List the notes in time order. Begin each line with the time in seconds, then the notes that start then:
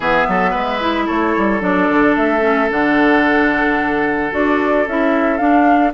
0.00 E3 B3 G#4 E5
0.27 F#3 A4
0.51 G#3 B4
0.80 E4
1.06 A3 A4 C#5
1.37 G3
1.60 F#3 D4 D5
1.89 D3
2.16 A3 E5
2.41 C#4
2.70 D3 D4 F#5
4.31 D4 F#4 D5
4.86 C#4 E4 E5
5.37 D4 F5